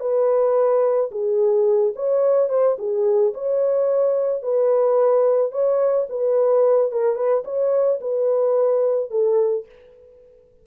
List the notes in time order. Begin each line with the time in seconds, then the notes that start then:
0.00 B4
1.11 G#4
1.95 C#5
2.49 C5
2.78 G#4
3.34 C#5
4.42 B4
5.52 C#5
6.09 B4
6.92 A#4
7.16 B4
7.44 C#5
8.01 B4
9.10 A4